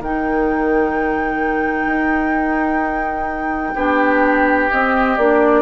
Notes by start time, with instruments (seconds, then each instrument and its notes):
0.00 bassoon D#3, clarinet D#4, oboe A#4, flute G5
1.86 bassoon D#4
3.74 bassoon B3, clarinet D4, oboe G4
4.71 clarinet C4, bassoon C4, flute D#5
5.17 bassoon A#3, clarinet D4, flute D5